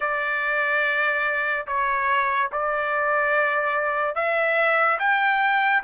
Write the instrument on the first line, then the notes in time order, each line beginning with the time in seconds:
trumpet
0.00 D5
1.67 C#5
2.52 D5
4.15 E5
4.99 G5